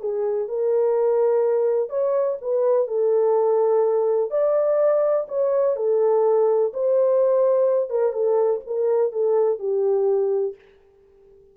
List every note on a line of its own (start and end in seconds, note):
0.00 0.48 G#4
0.48 1.89 A#4
1.89 2.37 C#5
2.41 2.87 B4
2.87 4.30 A4
4.30 5.26 D5
5.28 5.76 C#5
5.76 6.72 A4
6.73 7.90 C5
7.90 8.13 A#4
8.13 8.61 A4
8.66 9.12 A#4
9.12 9.59 A4
9.59 10.55 G4